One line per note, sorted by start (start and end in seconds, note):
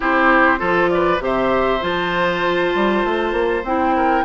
0.00 0.61 C4
0.00 0.58 E4
0.00 0.59 G4
0.00 0.89 C5
0.58 1.19 F3
0.58 1.19 F4
0.58 0.89 A4
0.89 1.23 B4
0.89 1.19 D5
1.19 1.80 C3
1.19 1.80 G4
1.19 3.96 C5
1.19 1.82 E5
1.81 2.73 F3
1.81 3.62 F4
1.81 3.64 A5
2.74 3.04 G3
3.04 3.32 A3
3.32 3.62 A#3
3.63 4.23 C4
3.63 4.24 E4
3.63 4.24 G5
3.96 4.24 A#4